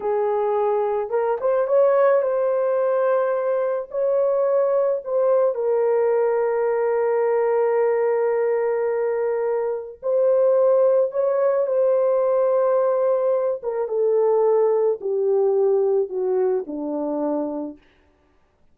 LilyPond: \new Staff \with { instrumentName = "horn" } { \time 4/4 \tempo 4 = 108 gis'2 ais'8 c''8 cis''4 | c''2. cis''4~ | cis''4 c''4 ais'2~ | ais'1~ |
ais'2 c''2 | cis''4 c''2.~ | c''8 ais'8 a'2 g'4~ | g'4 fis'4 d'2 | }